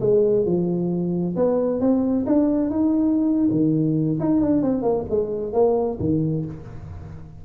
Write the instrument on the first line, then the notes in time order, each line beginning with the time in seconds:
tuba
0.00 G#3
0.45 F3
1.36 B3
1.80 C4
2.26 D4
2.70 D#4
3.51 D#3
4.20 D#4
4.41 D4
4.62 C4
4.82 A#3
5.10 G#3
5.53 A#3
6.00 D#3